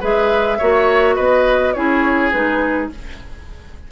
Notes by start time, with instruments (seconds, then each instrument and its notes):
0.00 bassoon G#3, clarinet G#4, oboe B4, flute E5
0.58 bassoon A#3, clarinet F#4, oboe C#5
1.16 bassoon B3, oboe B4, flute D#5
1.73 bassoon C#4, clarinet E4, oboe G#4, flute C#5
2.32 bassoon G#3, clarinet D#4, flute B4